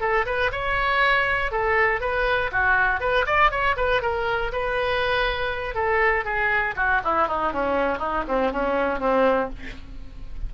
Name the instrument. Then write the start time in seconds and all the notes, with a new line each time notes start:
oboe
0.00 A4
0.26 B4
0.52 C#5
1.51 A4
2.00 B4
2.52 F#4
3.00 B4
3.26 D5
3.51 C#5
3.76 B4
4.02 A#4
4.52 B4
5.75 A4
6.25 G#4
6.76 F#4
7.04 E4
7.27 D#4
7.52 C#4
7.99 D#4
8.28 C4
8.51 C#4
8.99 C4